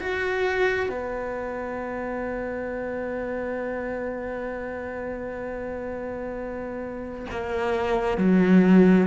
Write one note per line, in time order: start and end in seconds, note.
0.00 0.89 F#4
0.89 7.26 B3
7.31 8.17 A#3
8.17 9.07 F#3